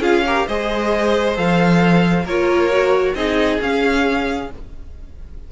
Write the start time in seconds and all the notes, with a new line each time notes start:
0.00 C#4 F4 G#4 F5
0.26 G4 A#4
0.47 G#3 G#4 C5 D#5
1.35 F3 A4 F5
2.24 A#3 F4 A#4 C#5
2.71 F#4
3.14 C4 D#4 G#4 D#5
3.60 C#4 F5